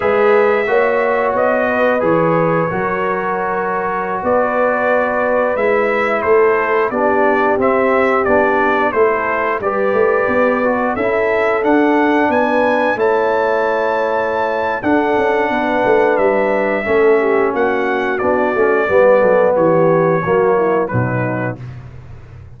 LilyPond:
<<
  \new Staff \with { instrumentName = "trumpet" } { \time 4/4 \tempo 4 = 89 e''2 dis''4 cis''4~ | cis''2~ cis''16 d''4.~ d''16~ | d''16 e''4 c''4 d''4 e''8.~ | e''16 d''4 c''4 d''4.~ d''16~ |
d''16 e''4 fis''4 gis''4 a''8.~ | a''2 fis''2 | e''2 fis''4 d''4~ | d''4 cis''2 b'4 | }
  \new Staff \with { instrumentName = "horn" } { \time 4/4 b'4 cis''4. b'4. | ais'2~ ais'16 b'4.~ b'16~ | b'4~ b'16 a'4 g'4.~ g'16~ | g'4~ g'16 a'4 b'4.~ b'16~ |
b'16 a'2 b'4 cis''8.~ | cis''2 a'4 b'4~ | b'4 a'8 g'8 fis'2 | b'8 a'8 g'4 fis'8 e'8 dis'4 | }
  \new Staff \with { instrumentName = "trombone" } { \time 4/4 gis'4 fis'2 gis'4 | fis'1~ | fis'16 e'2 d'4 c'8.~ | c'16 d'4 e'4 g'4. fis'16~ |
fis'16 e'4 d'2 e'8.~ | e'2 d'2~ | d'4 cis'2 d'8 cis'8 | b2 ais4 fis4 | }
  \new Staff \with { instrumentName = "tuba" } { \time 4/4 gis4 ais4 b4 e4 | fis2~ fis16 b4.~ b16~ | b16 gis4 a4 b4 c'8.~ | c'16 b4 a4 g8 a8 b8.~ |
b16 cis'4 d'4 b4 a8.~ | a2 d'8 cis'8 b8 a8 | g4 a4 ais4 b8 a8 | g8 fis8 e4 fis4 b,4 | }
>>